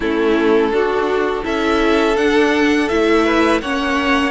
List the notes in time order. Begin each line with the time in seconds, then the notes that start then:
0.00 A3 C#4 E4 A4
0.70 D4 F#4
1.43 C#4 E4 A4 E5
2.16 D4 F#5
2.88 A3 E4 E5
3.24 B4
3.61 A#3 C#4 C#5 F#5